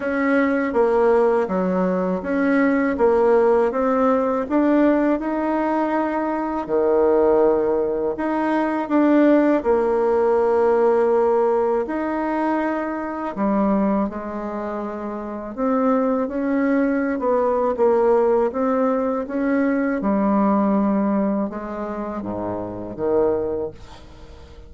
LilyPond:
\new Staff \with { instrumentName = "bassoon" } { \time 4/4 \tempo 4 = 81 cis'4 ais4 fis4 cis'4 | ais4 c'4 d'4 dis'4~ | dis'4 dis2 dis'4 | d'4 ais2. |
dis'2 g4 gis4~ | gis4 c'4 cis'4~ cis'16 b8. | ais4 c'4 cis'4 g4~ | g4 gis4 gis,4 dis4 | }